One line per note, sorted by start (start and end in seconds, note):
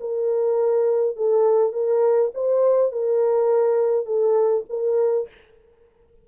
0.00 1.16 A#4
1.16 1.72 A4
1.72 2.31 A#4
2.34 2.91 C5
2.91 4.06 A#4
4.06 4.64 A4
4.69 5.28 A#4